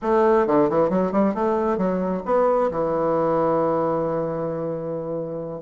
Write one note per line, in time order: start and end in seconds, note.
0.01 0.47 A3
0.47 0.69 D3
0.69 0.89 E3
0.89 1.12 F#3
1.12 1.34 G3
1.34 1.77 A3
1.77 2.22 F#3
2.25 2.70 B3
2.71 5.61 E3